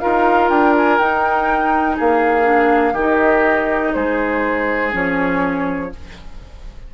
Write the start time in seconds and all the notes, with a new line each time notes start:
0.00 D#4 F4 A#4 F5
0.50 D4 G5
0.78 G#5
0.99 D#4 G5
1.97 A#3 G#4 F5
2.43 D4
2.93 D#3 G4
2.99 D#4 D#5
3.94 G#3 G#4 C5
4.92 F3 C#4 C#5